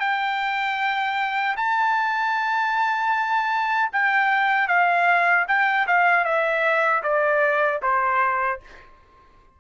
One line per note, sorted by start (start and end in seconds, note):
0.00 1.56 G5
1.57 3.91 A5
3.93 4.68 G5
4.68 5.46 F5
5.48 5.87 G5
5.87 6.25 F5
6.25 7.03 E5
7.03 7.81 D5
7.83 8.61 C5